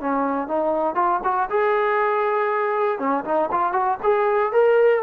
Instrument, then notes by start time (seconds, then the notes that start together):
trombone
0.00 C#4
0.47 D#4
0.95 F4
1.24 F#4
1.50 G#4
2.99 C#4
3.25 D#4
3.52 F4
3.73 F#4
4.03 G#4
4.53 A#4